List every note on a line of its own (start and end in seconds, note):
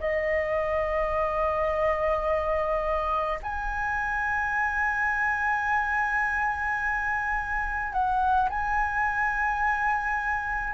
0.00 3.40 D#5
3.43 7.93 G#5
7.93 8.50 F#5
8.50 10.74 G#5